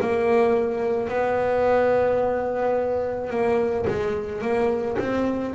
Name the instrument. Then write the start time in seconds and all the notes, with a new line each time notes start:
double bass
0.00 A#3
1.08 B3
3.30 A#3
3.87 G#3
4.41 A#3
4.98 C4